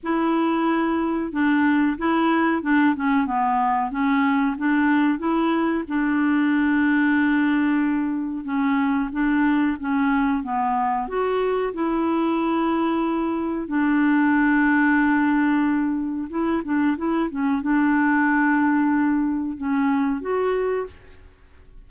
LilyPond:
\new Staff \with { instrumentName = "clarinet" } { \time 4/4 \tempo 4 = 92 e'2 d'4 e'4 | d'8 cis'8 b4 cis'4 d'4 | e'4 d'2.~ | d'4 cis'4 d'4 cis'4 |
b4 fis'4 e'2~ | e'4 d'2.~ | d'4 e'8 d'8 e'8 cis'8 d'4~ | d'2 cis'4 fis'4 | }